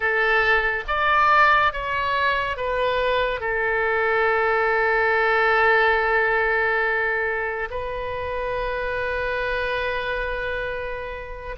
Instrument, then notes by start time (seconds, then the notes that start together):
oboe
0.00 A4
0.87 D5
1.72 C#5
2.56 B4
3.40 A4
7.70 B4